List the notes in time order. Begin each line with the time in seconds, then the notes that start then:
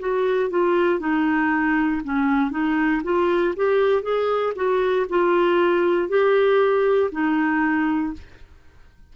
0.00 F#4
0.50 F4
1.00 D#4
2.05 C#4
2.51 D#4
3.04 F4
3.56 G4
4.03 G#4
4.56 F#4
5.10 F4
6.09 G4
7.12 D#4